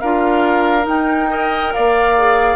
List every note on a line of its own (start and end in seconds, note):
0.00 0.87 D4
0.00 0.82 F4
0.00 1.30 A#4
0.00 0.86 F5
0.82 1.25 D#4
0.82 1.72 D#4
0.88 1.73 G5
1.30 2.16 A#4
1.30 1.74 D#5
1.73 2.56 A#3
1.73 2.56 D5
1.73 2.56 F5
2.18 2.56 G#4